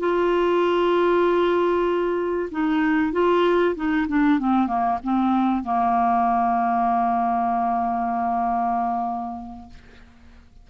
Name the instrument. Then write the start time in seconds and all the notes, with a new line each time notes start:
clarinet
0.00 F4
2.52 D#4
3.13 F4
3.76 D#4
4.08 D4
4.39 C4
4.67 A#3
5.04 C4
5.64 A#3